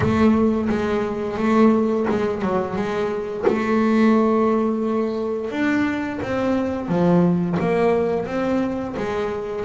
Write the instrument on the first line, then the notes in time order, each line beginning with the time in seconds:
double bass
0.00 A3
0.69 G#3
1.37 A3
2.09 G#3
2.42 F#3
2.76 G#3
3.47 A3
5.50 D4
6.22 C4
6.88 F3
7.59 A#3
8.26 C4
8.96 G#3